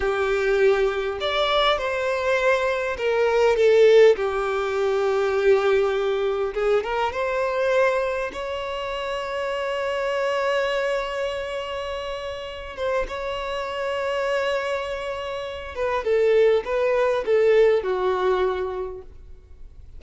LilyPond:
\new Staff \with { instrumentName = "violin" } { \time 4/4 \tempo 4 = 101 g'2 d''4 c''4~ | c''4 ais'4 a'4 g'4~ | g'2. gis'8 ais'8 | c''2 cis''2~ |
cis''1~ | cis''4. c''8 cis''2~ | cis''2~ cis''8 b'8 a'4 | b'4 a'4 fis'2 | }